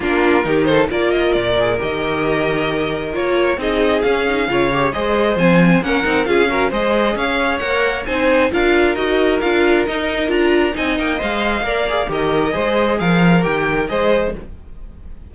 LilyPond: <<
  \new Staff \with { instrumentName = "violin" } { \time 4/4 \tempo 4 = 134 ais'4. c''8 d''8 dis''8 d''4 | dis''2. cis''4 | dis''4 f''2 dis''4 | gis''4 fis''4 f''4 dis''4 |
f''4 fis''4 gis''4 f''4 | dis''4 f''4 dis''4 ais''4 | gis''8 g''8 f''2 dis''4~ | dis''4 f''4 g''4 dis''4 | }
  \new Staff \with { instrumentName = "violin" } { \time 4/4 f'4 g'8 a'8 ais'2~ | ais'1 | gis'2 cis''4 c''4~ | c''4 ais'4 gis'8 ais'8 c''4 |
cis''2 c''4 ais'4~ | ais'1 | dis''2 d''4 ais'4 | c''4 ais'2 c''4 | }
  \new Staff \with { instrumentName = "viola" } { \time 4/4 d'4 dis'4 f'4. gis'8 | g'2. f'4 | dis'4 cis'8 dis'8 f'8 g'8 gis'4 | c'4 cis'8 dis'8 f'8 fis'8 gis'4~ |
gis'4 ais'4 dis'4 f'4 | fis'4 f'4 dis'4 f'4 | dis'4 c''4 ais'8 gis'8 g'4 | gis'2 g'4 gis'4 | }
  \new Staff \with { instrumentName = "cello" } { \time 4/4 ais4 dis4 ais4 ais,4 | dis2. ais4 | c'4 cis'4 cis4 gis4 | f4 ais8 c'8 cis'4 gis4 |
cis'4 ais4 c'4 d'4 | dis'4 d'4 dis'4 d'4 | c'8 ais8 gis4 ais4 dis4 | gis4 f4 dis4 gis4 | }
>>